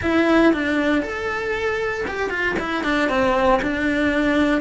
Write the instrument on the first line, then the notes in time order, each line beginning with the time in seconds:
cello
0.02 E4
0.53 D4
1.02 A4
2.07 G4
2.30 F4
2.59 E4
2.83 D4
3.09 C4
3.62 D4